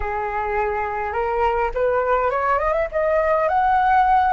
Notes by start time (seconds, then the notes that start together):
0.00 G#4
1.12 A#4
1.74 B4
2.30 C#5
2.59 D#5
2.73 E5
2.91 D#5
3.48 F#5